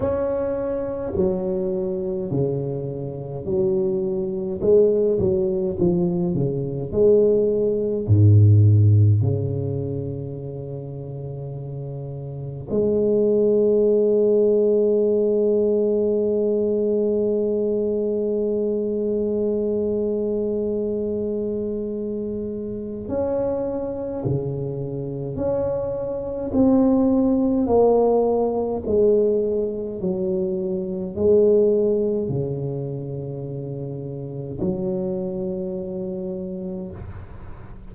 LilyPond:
\new Staff \with { instrumentName = "tuba" } { \time 4/4 \tempo 4 = 52 cis'4 fis4 cis4 fis4 | gis8 fis8 f8 cis8 gis4 gis,4 | cis2. gis4~ | gis1~ |
gis1 | cis'4 cis4 cis'4 c'4 | ais4 gis4 fis4 gis4 | cis2 fis2 | }